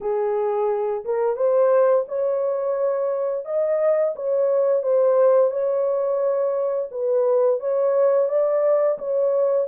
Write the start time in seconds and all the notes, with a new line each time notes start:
0.01 G#4
1.04 A#4
1.36 C5
2.08 C#5
3.45 D#5
4.15 C#5
4.82 C5
5.50 C#5
6.91 B4
7.60 C#5
8.29 D5
8.98 C#5